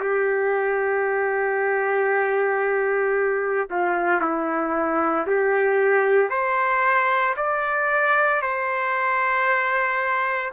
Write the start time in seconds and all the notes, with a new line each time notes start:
0.00 G4
3.70 F4
4.22 E4
5.27 G4
6.30 C5
7.37 D5
8.42 C5